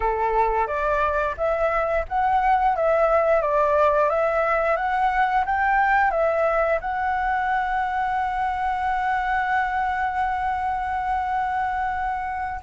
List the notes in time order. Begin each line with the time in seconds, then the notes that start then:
0.00 A4
0.67 D5
1.37 E5
2.08 F#5
2.76 E5
3.41 D5
4.09 E5
4.76 F#5
5.45 G5
6.11 E5
6.80 F#5